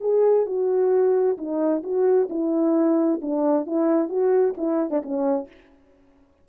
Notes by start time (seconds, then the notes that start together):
0.00 G#4
0.46 F#4
1.37 D#4
1.83 F#4
2.29 E4
3.21 D4
3.66 E4
4.09 F#4
4.57 E4
4.90 D4
5.02 C#4